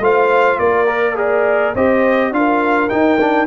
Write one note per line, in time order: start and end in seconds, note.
0.00 0.58 A3
0.00 0.87 F4
0.00 0.59 C5
0.00 0.59 F5
0.59 1.75 A#3
0.59 1.17 A#4
0.59 1.17 D5
0.87 1.16 A#4
1.16 1.73 G#4
1.16 1.76 A#4
1.16 1.75 D5
1.75 2.32 C4
1.75 2.33 G4
1.75 2.33 C5
1.75 2.33 D#5
2.32 2.90 D4
2.32 2.90 F4
2.32 3.47 A#4
2.32 2.89 F5
2.89 3.19 D#4
2.89 3.47 D#4
2.89 3.47 G5
3.20 3.47 D4